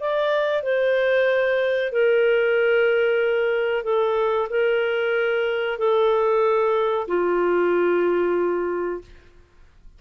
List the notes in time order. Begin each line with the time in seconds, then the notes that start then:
0.00 D5
0.63 C5
1.92 A#4
3.84 A4
4.49 A#4
5.78 A4
7.08 F4